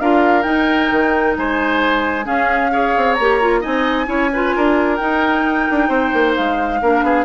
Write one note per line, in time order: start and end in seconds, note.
0.00 0.45 D4
0.00 0.44 F4
0.00 1.38 A#4
0.00 0.43 F5
0.43 2.24 D#4
0.43 0.90 D#4
0.43 1.34 G5
0.92 1.37 D#3
1.37 2.27 G#3
1.37 2.26 C5
1.37 2.27 G#5
2.24 2.70 C#4
2.24 2.95 C#4
2.24 2.71 G#4
2.24 3.14 F5
2.71 3.17 G#4
2.71 3.61 C#5
2.97 3.19 C4
3.14 3.65 A#3
3.14 3.60 A#5
3.21 3.42 G4
3.42 3.62 F4
3.61 4.07 C4
3.61 4.07 D#4
3.61 4.06 D#5
3.61 4.97 G#5
4.07 4.53 C#4
4.07 4.29 E4
4.07 4.31 C#5
4.33 4.99 F4
4.33 4.56 B4
4.56 5.00 D4
4.56 5.89 A#4
4.97 6.81 D#4
4.97 5.68 D#4
4.97 6.33 G5
5.71 5.89 D4
5.89 6.11 C4
5.89 6.80 C5
6.14 6.37 A#3
6.36 6.82 G#3
6.36 7.25 F5
6.82 7.03 A#3
6.82 7.25 D4
6.82 7.05 A#4
7.03 7.25 B3
7.03 7.25 G#4